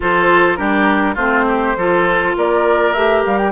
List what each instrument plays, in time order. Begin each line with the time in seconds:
0.00 bassoon F3, clarinet F4, oboe A4, flute C5
0.56 bassoon G3, clarinet D4, oboe G4, flute A#4
1.14 bassoon A3, clarinet C4, oboe F4, flute C5
1.47 oboe G4
1.76 bassoon F3, clarinet F4, oboe A4
2.37 bassoon A#3, oboe A#4, flute D5
2.93 bassoon A3, clarinet G4, flute E5
3.25 bassoon G3, flute F5
3.38 flute G5